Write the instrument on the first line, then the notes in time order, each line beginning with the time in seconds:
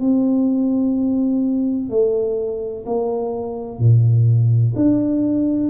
tuba
0.00 C4
1.90 A3
2.86 A#3
3.79 A#2
4.76 D4